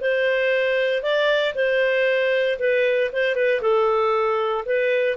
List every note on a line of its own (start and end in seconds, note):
0.00 1.02 C5
1.02 1.54 D5
1.55 2.58 C5
2.59 3.11 B4
3.12 3.35 C5
3.35 3.61 B4
3.61 4.64 A4
4.65 5.16 B4